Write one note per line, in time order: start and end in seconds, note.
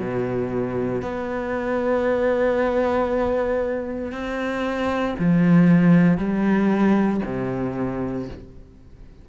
0.00 1.03 B2
1.03 4.12 B3
4.12 5.16 C4
5.19 6.18 F3
6.18 7.21 G3
7.26 8.29 C3